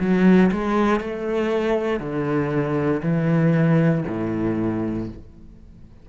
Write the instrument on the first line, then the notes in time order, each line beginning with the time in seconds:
cello
0.00 F#3
0.52 G#3
1.01 A3
2.00 D3
3.03 E3
4.08 A2